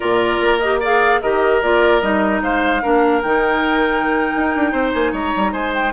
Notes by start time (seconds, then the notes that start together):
0.00 A#2 F4 A#4 D5
0.40 A#3
0.59 G4 D#5
0.80 G#4 D5 F5
1.21 D#3 G4 A#4 D#5
1.62 A#3 F4 D5
2.01 G3 D#4 D#5
2.42 G#3 C5 F5
2.82 A#3 D4 A#4
3.22 D#3 D#4 G5
4.35 D#4
4.55 D4
4.72 C4 C5
4.93 A#3 G#5
5.11 G#3 C#5 A#5
5.36 G3
5.52 G#3 C5 G#5
5.74 G5